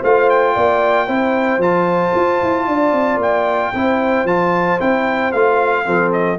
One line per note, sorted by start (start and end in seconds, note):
0.00 0.56 A3
0.00 1.08 F4
0.00 0.53 C5
0.00 0.30 F5
0.30 1.62 G5
0.54 1.08 A#3
0.54 1.06 D5
1.06 1.58 C4
1.06 1.61 E4
1.06 2.66 C5
1.58 2.11 F3
1.58 3.74 F4
1.58 3.21 A5
2.15 2.42 F4
2.42 2.67 E4
2.67 2.92 D4
2.67 3.74 D5
2.92 3.16 C4
3.16 3.69 A#3
3.16 4.27 G5
3.74 4.24 C4
3.74 4.27 E4
3.74 5.86 C5
4.24 4.78 F3
4.24 4.80 F4
4.24 4.80 A5
4.80 5.33 C4
4.80 5.33 E4
4.80 5.32 G5
5.32 5.87 A3
5.32 5.85 F4
5.32 6.12 F5
5.85 6.39 F3
5.85 6.38 C4
5.85 6.39 A4
6.13 6.39 D#5